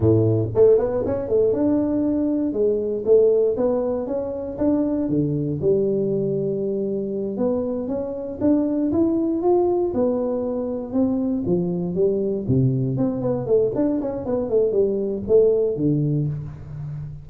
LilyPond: \new Staff \with { instrumentName = "tuba" } { \time 4/4 \tempo 4 = 118 a,4 a8 b8 cis'8 a8 d'4~ | d'4 gis4 a4 b4 | cis'4 d'4 d4 g4~ | g2~ g8 b4 cis'8~ |
cis'8 d'4 e'4 f'4 b8~ | b4. c'4 f4 g8~ | g8 c4 c'8 b8 a8 d'8 cis'8 | b8 a8 g4 a4 d4 | }